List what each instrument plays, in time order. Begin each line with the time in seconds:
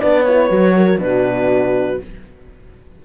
0.00 cello B3, horn D4 B4, clarinet D5
0.24 horn E4, clarinet C#5
0.49 cello F#3, horn F#4
0.77 horn A#4
0.99 cello B2, horn D4, clarinet B4
1.05 horn F#4